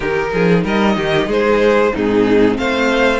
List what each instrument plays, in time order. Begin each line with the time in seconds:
0.00 cello D#3, viola D#4, violin G4 A#4
0.33 cello F3, violin G#4
0.64 cello G3, violin A#4 D#5
0.96 cello D#3, violin G4
1.26 cello G#3, violin G#4 C5
1.92 cello G#2, viola C4, violin D#4 G#4
2.57 cello A3, violin C5 F5